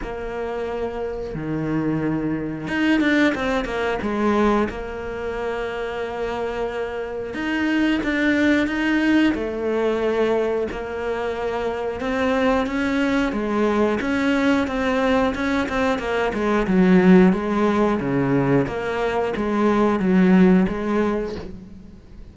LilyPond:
\new Staff \with { instrumentName = "cello" } { \time 4/4 \tempo 4 = 90 ais2 dis2 | dis'8 d'8 c'8 ais8 gis4 ais4~ | ais2. dis'4 | d'4 dis'4 a2 |
ais2 c'4 cis'4 | gis4 cis'4 c'4 cis'8 c'8 | ais8 gis8 fis4 gis4 cis4 | ais4 gis4 fis4 gis4 | }